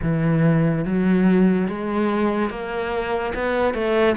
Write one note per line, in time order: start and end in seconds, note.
0.02 0.84 E3
0.84 1.68 F#3
1.68 2.50 G#3
2.50 3.33 A#3
3.34 3.73 B3
3.73 4.15 A3